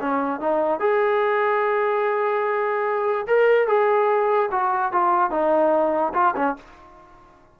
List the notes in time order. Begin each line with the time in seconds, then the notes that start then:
0.00 C#4
0.40 D#4
0.80 G#4
3.27 A#4
3.68 G#4
4.51 F#4
4.92 F4
5.31 D#4
6.14 F4
6.36 C#4